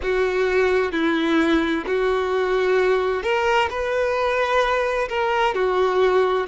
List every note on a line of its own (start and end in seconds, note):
0.02 0.91 F#4
0.91 1.84 E4
1.86 3.22 F#4
3.22 3.68 A#4
3.70 5.08 B4
5.08 5.54 A#4
5.54 6.46 F#4